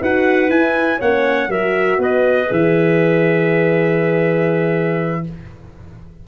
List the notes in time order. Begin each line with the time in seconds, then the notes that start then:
0.00 D#4 F#4 B4 F#5
0.48 E4 G#5
0.98 A#3 C#4 C#5 F#5
1.48 F#3 F#4 A#4 E5
1.98 B3 B4 D#5
2.47 E3 G#4 E5